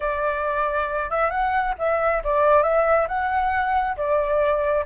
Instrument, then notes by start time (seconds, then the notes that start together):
flute
0.00 D5
1.10 E5
1.30 F#5
1.78 E5
2.24 D5
2.62 E5
3.08 F#5
3.96 D5